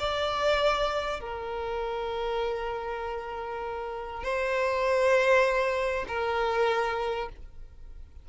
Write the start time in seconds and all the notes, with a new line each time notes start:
0.00 D5
1.21 A#4
4.24 C5
6.08 A#4